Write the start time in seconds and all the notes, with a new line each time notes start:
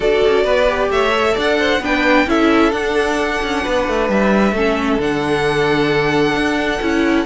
0.00 D4 F#4 A4 D5
0.24 C#4
0.44 B3 B4
0.68 G4
0.90 A3 C#5 E5
1.10 A4
1.33 D4 D5
1.39 F#5
1.59 C5
1.80 B3 D4 B4 G5
2.26 C#4 E4 A4 E5
2.71 D4 F#5
3.42 C#4
3.63 B3 B4
3.87 A3
4.08 G3 E5
4.52 A3 C#4 A4
4.98 D3 D4 F#5
6.34 D4
6.81 C#4 E4